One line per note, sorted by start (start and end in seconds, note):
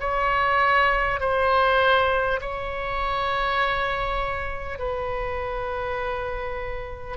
0.00 1.20 C#5
1.20 2.40 C5
2.41 4.78 C#5
4.78 7.17 B4